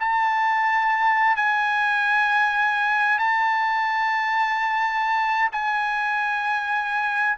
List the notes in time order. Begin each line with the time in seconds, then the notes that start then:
0.00 A5
1.36 G#5
3.19 A5
5.52 G#5